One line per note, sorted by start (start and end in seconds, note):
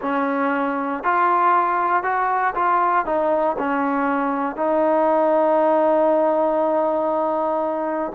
0.01 1.03 C#4
1.03 2.03 F4
2.03 2.54 F#4
2.54 3.05 F4
3.05 3.56 D#4
3.58 4.56 C#4
4.56 8.11 D#4